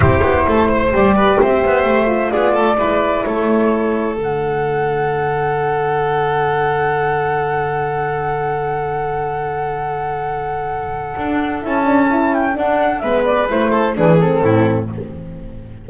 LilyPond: <<
  \new Staff \with { instrumentName = "flute" } { \time 4/4 \tempo 4 = 129 c''2 d''4 e''4~ | e''4 d''2 cis''4~ | cis''4 fis''2.~ | fis''1~ |
fis''1~ | fis''1~ | fis''4 a''4. g''8 fis''4 | e''8 d''8 c''4 b'8 a'4. | }
  \new Staff \with { instrumentName = "violin" } { \time 4/4 g'4 a'8 c''4 b'8 c''4~ | c''4 gis'8 a'8 b'4 a'4~ | a'1~ | a'1~ |
a'1~ | a'1~ | a'1 | b'4. a'8 gis'4 e'4 | }
  \new Staff \with { instrumentName = "horn" } { \time 4/4 e'2 g'2~ | g'8 f'4. e'2~ | e'4 d'2.~ | d'1~ |
d'1~ | d'1~ | d'4 e'8 d'8 e'4 d'4 | b4 e'4 d'8 c'4. | }
  \new Staff \with { instrumentName = "double bass" } { \time 4/4 c'8 b8 a4 g4 c'8 b8 | a4 b8 a8 gis4 a4~ | a4 d2.~ | d1~ |
d1~ | d1 | d'4 cis'2 d'4 | gis4 a4 e4 a,4 | }
>>